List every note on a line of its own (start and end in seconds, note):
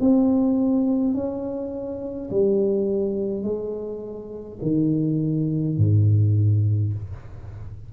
0.00 1.14 C4
1.14 2.29 C#4
2.30 3.42 G3
3.42 4.58 G#3
4.62 5.77 D#3
5.77 6.92 G#2